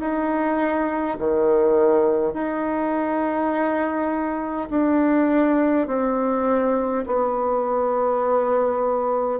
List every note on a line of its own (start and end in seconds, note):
0.00 1.18 D#4
1.19 2.34 D#3
2.34 4.69 D#4
4.70 5.87 D4
5.87 7.05 C4
7.06 9.40 B3